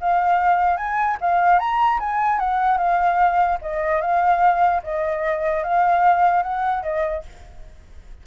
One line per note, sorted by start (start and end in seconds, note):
0.00 0.77 F5
0.77 1.17 G#5
1.21 1.59 F5
1.59 1.99 A#5
2.00 2.39 G#5
2.39 2.77 F#5
2.77 3.58 F5
3.61 4.01 D#5
4.01 4.82 F5
4.83 5.63 D#5
5.63 6.42 F5
6.42 6.83 F#5
6.83 7.23 D#5